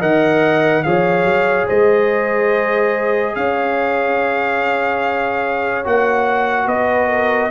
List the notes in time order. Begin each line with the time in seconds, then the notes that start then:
0.00 D#3 A#4 D#5 F#5
0.83 F3 G#4 C#5 F5
1.24 F#3
1.67 G#3 C5 D#5
3.35 C#4 C#5 F5
5.84 A#3 F#4 F#5
6.66 B3 B4 D#5
7.07 A#4